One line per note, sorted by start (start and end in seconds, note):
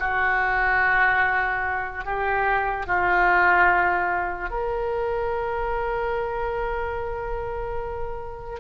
0.00 2.05 F#4
2.05 2.87 G4
2.87 4.51 F4
4.51 8.60 A#4